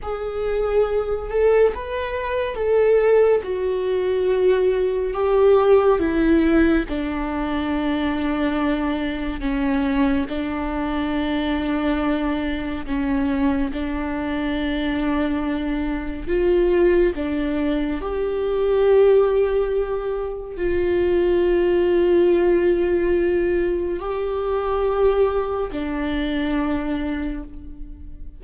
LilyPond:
\new Staff \with { instrumentName = "viola" } { \time 4/4 \tempo 4 = 70 gis'4. a'8 b'4 a'4 | fis'2 g'4 e'4 | d'2. cis'4 | d'2. cis'4 |
d'2. f'4 | d'4 g'2. | f'1 | g'2 d'2 | }